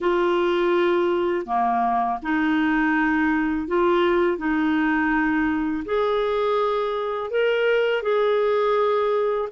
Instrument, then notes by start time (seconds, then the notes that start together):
clarinet
0.00 F4
1.46 A#3
2.22 D#4
3.67 F4
4.37 D#4
5.85 G#4
7.30 A#4
8.02 G#4